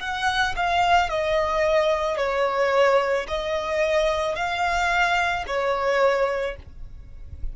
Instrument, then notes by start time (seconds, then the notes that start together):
violin
0.00 F#5
0.57 F5
1.10 D#5
2.17 C#5
3.28 D#5
4.36 F5
5.47 C#5